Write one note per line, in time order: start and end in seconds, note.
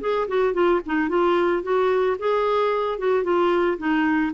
0.00 0.27 G#4
0.28 0.53 F#4
0.53 0.80 F4
0.86 1.08 D#4
1.08 1.62 F4
1.62 2.16 F#4
2.18 2.98 G#4
2.98 3.23 F#4
3.23 3.77 F4
3.78 4.32 D#4